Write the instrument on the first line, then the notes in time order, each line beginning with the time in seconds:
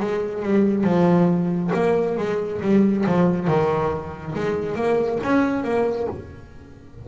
double bass
0.00 G#3
0.43 G3
0.84 F3
1.74 A#3
2.18 G#3
2.62 G3
3.06 F3
3.48 D#3
4.35 G#3
4.76 A#3
5.24 C#4
5.64 A#3